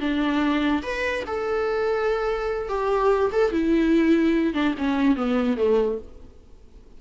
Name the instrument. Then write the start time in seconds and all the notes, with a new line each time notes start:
viola
0.00 D4
0.83 B4
1.26 A4
2.69 G4
3.32 A4
3.52 E4
4.54 D4
4.78 C#4
5.16 B3
5.57 A3